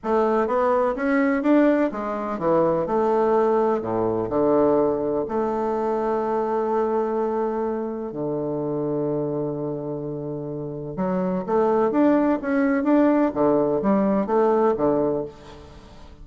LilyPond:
\new Staff \with { instrumentName = "bassoon" } { \time 4/4 \tempo 4 = 126 a4 b4 cis'4 d'4 | gis4 e4 a2 | a,4 d2 a4~ | a1~ |
a4 d2.~ | d2. fis4 | a4 d'4 cis'4 d'4 | d4 g4 a4 d4 | }